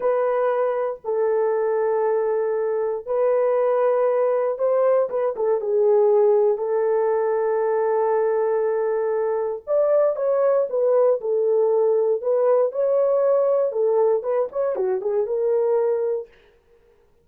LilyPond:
\new Staff \with { instrumentName = "horn" } { \time 4/4 \tempo 4 = 118 b'2 a'2~ | a'2 b'2~ | b'4 c''4 b'8 a'8 gis'4~ | gis'4 a'2.~ |
a'2. d''4 | cis''4 b'4 a'2 | b'4 cis''2 a'4 | b'8 cis''8 fis'8 gis'8 ais'2 | }